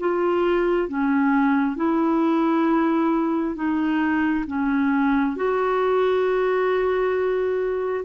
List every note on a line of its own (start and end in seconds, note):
0.00 0.89 F4
0.89 1.76 C#4
1.76 3.55 E4
3.55 4.45 D#4
4.47 5.36 C#4
5.36 8.05 F#4